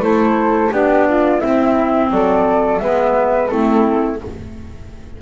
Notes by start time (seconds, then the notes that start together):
0.00 A3 E4 A4 C5
0.72 B3 D4 G4 D5
1.10 F4
1.40 C4 E4 E5
2.11 F#3 A4 D5
2.79 G#3 B3 B4 E5
3.47 A3 C4 E4 A4